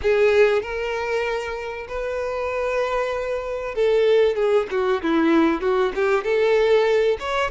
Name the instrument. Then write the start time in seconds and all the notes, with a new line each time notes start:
violin
0.02 G#4
0.62 A#4
1.88 B4
3.74 A4
4.35 G#4
4.70 F#4
5.02 E4
5.61 F#4
5.95 G4
6.23 A4
7.19 C#5